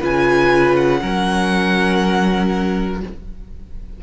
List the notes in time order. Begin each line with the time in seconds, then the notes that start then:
0.00 C#3 F4 B4 G#5
0.76 F#5
1.00 F#3 C#4 A#4